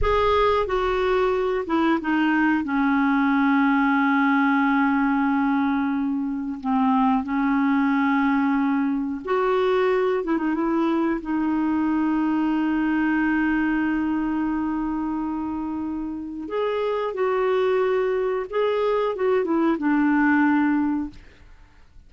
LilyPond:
\new Staff \with { instrumentName = "clarinet" } { \time 4/4 \tempo 4 = 91 gis'4 fis'4. e'8 dis'4 | cis'1~ | cis'2 c'4 cis'4~ | cis'2 fis'4. e'16 dis'16 |
e'4 dis'2.~ | dis'1~ | dis'4 gis'4 fis'2 | gis'4 fis'8 e'8 d'2 | }